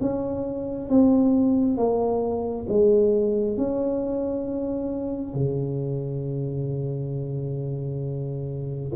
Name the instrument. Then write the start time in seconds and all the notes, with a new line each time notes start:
tuba
0.00 C#4
0.89 C4
1.77 A#3
2.69 G#3
3.57 C#4
5.34 C#3